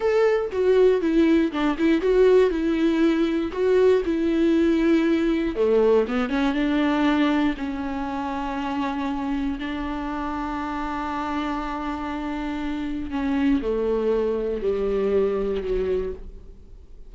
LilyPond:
\new Staff \with { instrumentName = "viola" } { \time 4/4 \tempo 4 = 119 a'4 fis'4 e'4 d'8 e'8 | fis'4 e'2 fis'4 | e'2. a4 | b8 cis'8 d'2 cis'4~ |
cis'2. d'4~ | d'1~ | d'2 cis'4 a4~ | a4 g2 fis4 | }